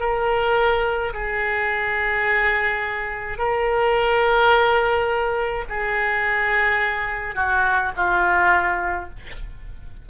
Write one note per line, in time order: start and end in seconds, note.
0.00 1.13 A#4
1.14 3.39 G#4
3.39 5.65 A#4
5.69 7.35 G#4
7.35 7.92 F#4
7.97 9.10 F4